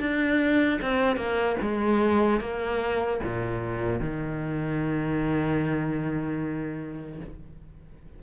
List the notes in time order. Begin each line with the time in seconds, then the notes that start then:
0.00 D4
0.82 C4
1.17 A#3
1.62 G#3
2.41 A#3
3.24 A#2
4.00 D#3